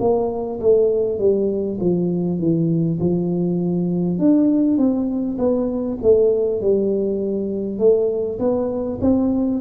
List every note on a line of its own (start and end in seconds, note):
0.00 0.60 A#3
0.61 1.19 A3
1.19 1.79 G3
1.81 2.39 F3
2.39 2.99 E3
2.99 4.19 F3
4.19 4.77 D4
4.77 5.37 C4
5.38 5.98 B3
6.02 6.61 A3
6.61 7.79 G3
7.79 8.39 A3
8.39 8.99 B3
9.01 9.61 C4